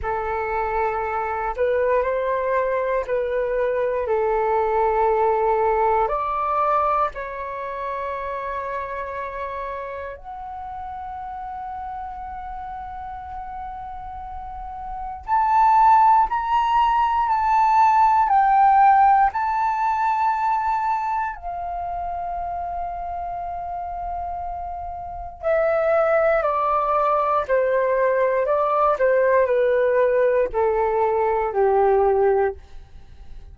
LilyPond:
\new Staff \with { instrumentName = "flute" } { \time 4/4 \tempo 4 = 59 a'4. b'8 c''4 b'4 | a'2 d''4 cis''4~ | cis''2 fis''2~ | fis''2. a''4 |
ais''4 a''4 g''4 a''4~ | a''4 f''2.~ | f''4 e''4 d''4 c''4 | d''8 c''8 b'4 a'4 g'4 | }